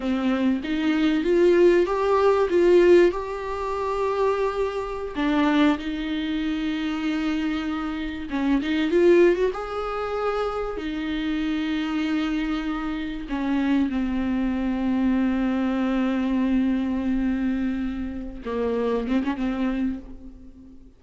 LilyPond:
\new Staff \with { instrumentName = "viola" } { \time 4/4 \tempo 4 = 96 c'4 dis'4 f'4 g'4 | f'4 g'2.~ | g'16 d'4 dis'2~ dis'8.~ | dis'4~ dis'16 cis'8 dis'8 f'8. fis'16 gis'8.~ |
gis'4~ gis'16 dis'2~ dis'8.~ | dis'4~ dis'16 cis'4 c'4.~ c'16~ | c'1~ | c'4. ais4 c'16 cis'16 c'4 | }